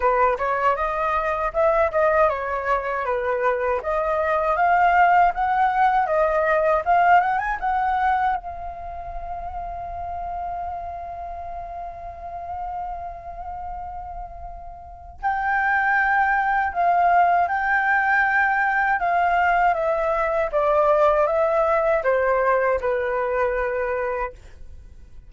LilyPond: \new Staff \with { instrumentName = "flute" } { \time 4/4 \tempo 4 = 79 b'8 cis''8 dis''4 e''8 dis''8 cis''4 | b'4 dis''4 f''4 fis''4 | dis''4 f''8 fis''16 gis''16 fis''4 f''4~ | f''1~ |
f''1 | g''2 f''4 g''4~ | g''4 f''4 e''4 d''4 | e''4 c''4 b'2 | }